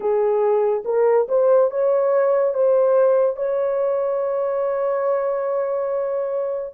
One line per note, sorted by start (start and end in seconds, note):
0.00 0.83 G#4
0.85 1.27 A#4
1.28 1.71 C5
1.71 2.54 C#5
2.54 3.36 C5
3.36 6.74 C#5